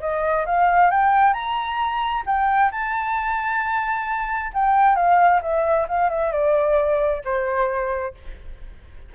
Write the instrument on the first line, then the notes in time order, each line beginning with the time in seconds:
flute
0.00 D#5
0.46 F5
0.90 G5
1.33 A#5
2.26 G5
2.71 A5
4.53 G5
4.95 F5
5.42 E5
5.88 F5
6.09 E5
6.32 D5
7.24 C5